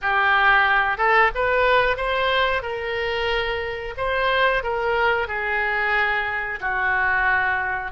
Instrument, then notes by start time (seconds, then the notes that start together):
oboe
0.01 G4
0.97 A4
1.34 B4
1.96 C5
2.62 A#4
3.97 C5
4.63 A#4
5.27 G#4
6.60 F#4